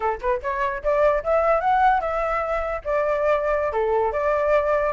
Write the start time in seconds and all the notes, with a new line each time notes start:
0.00 A4
0.21 B4
0.42 C#5
0.83 D5
1.23 E5
1.60 F#5
2.00 E5
2.84 D5
3.72 A4
4.12 D5